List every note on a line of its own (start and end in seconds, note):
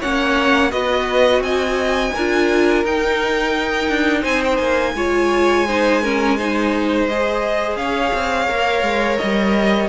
0.00 0.72 A#3
0.00 0.71 C#4
0.00 0.71 C#5
0.00 0.72 F#5
0.71 1.40 B3
0.71 2.12 F#4
0.71 1.43 B4
0.71 1.42 D#5
1.40 2.11 C4
1.40 2.13 D#5
1.40 2.84 G#5
2.13 2.84 D4
2.13 2.85 F4
2.13 4.22 A#4
2.84 3.89 D#4
2.84 4.96 D#4
2.84 4.25 G5
3.89 4.24 D4
4.22 4.59 C4
4.22 4.92 C5
4.22 4.42 G#5
4.45 4.56 G5
4.56 4.94 A#3
4.56 7.04 G#5
4.94 7.76 G#3
4.94 5.67 F4
4.94 5.68 C#5
5.68 6.03 D#4
5.68 6.02 C5
6.02 6.38 C#4
6.02 6.38 A#4
6.38 7.09 D#4
6.38 7.79 C5
7.08 8.48 G#4
7.08 7.77 D#5
7.76 8.12 C#4
7.76 9.90 C#5
7.76 9.18 F5
8.14 8.49 C4
8.48 8.83 A#3
8.48 9.89 A#4
8.83 9.18 G#3
9.18 9.90 G3
9.18 9.88 D#5